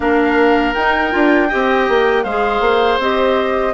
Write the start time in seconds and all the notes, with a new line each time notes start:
0.00 A#3 D4 A#4 F5
0.73 D#4 G5
1.10 D4 F4
1.48 C4 G4 D#5
1.88 A#3
2.23 G#3 G#4 C5 F5
2.60 A#3
2.98 C4 G4 D#5